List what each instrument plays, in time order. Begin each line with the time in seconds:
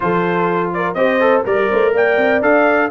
0.00 tuba F3, trombone F4, horn A4, trumpet C5
0.73 horn A#4, trumpet D5
0.94 tuba C4, trombone G4, horn C5, trumpet D#5
1.20 trombone A4
1.43 tuba G3, horn A#4, trombone A#4, trumpet D5
1.69 tuba A3, horn C5
1.93 tuba A#3, horn D5, trumpet G5
2.17 tuba C4
2.41 tuba D4, trombone A4, trumpet F5